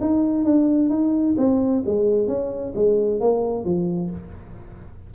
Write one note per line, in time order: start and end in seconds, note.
0.00 0.45 D#4
0.45 0.89 D4
0.89 1.35 D#4
1.37 1.83 C4
1.86 2.27 G#3
2.27 2.73 C#4
2.75 3.20 G#3
3.20 3.65 A#3
3.65 4.10 F3